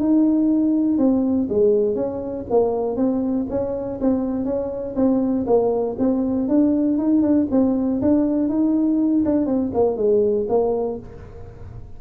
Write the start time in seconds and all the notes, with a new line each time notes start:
0.00 D#4
0.98 C4
1.49 G#3
1.95 C#4
2.50 A#3
2.96 C4
3.50 C#4
4.01 C4
4.45 C#4
4.96 C4
5.47 A#3
5.99 C4
6.49 D4
6.98 D#4
7.22 D4
7.51 C4
8.02 D4
8.49 D#4
9.25 D4
9.46 C4
9.74 A#3
9.97 G#3
10.49 A#3